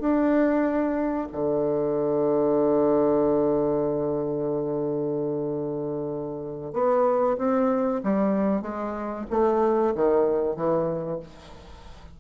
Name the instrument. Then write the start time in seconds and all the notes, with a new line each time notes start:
bassoon
0.00 D4
1.32 D3
6.73 B3
7.38 C4
8.03 G3
8.62 G#3
9.30 A3
9.95 D#3
10.56 E3